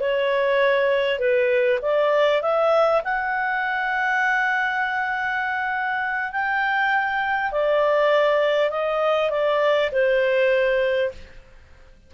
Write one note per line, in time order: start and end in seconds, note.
0.00 1.19 C#5
1.19 1.79 B4
1.81 2.41 D5
2.41 3.01 E5
3.04 6.31 F#5
6.31 7.51 G5
7.52 8.70 D5
8.70 9.30 D#5
9.30 9.90 D5
9.91 11.11 C5